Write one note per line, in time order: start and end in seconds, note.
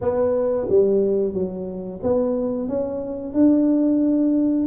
0.01 0.67 B3
0.69 1.33 G3
1.33 2.00 F#3
2.02 2.68 B3
2.68 3.33 C#4
3.33 4.67 D4